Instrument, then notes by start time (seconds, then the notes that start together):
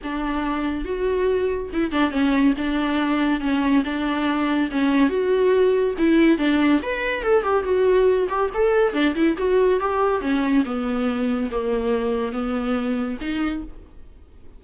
viola
0.03 D4
0.85 F#4
1.72 E4
1.91 D4
2.10 C#4
2.57 D4
3.40 C#4
3.84 D4
4.71 C#4
5.09 F#4
5.98 E4
6.38 D4
6.82 B4
7.22 A4
7.43 G4
7.63 F#4
8.28 G4
8.54 A4
8.93 D4
9.15 E4
9.37 F#4
9.80 G4
10.21 C#4
10.65 B3
11.51 A#3
12.32 B3
13.20 D#4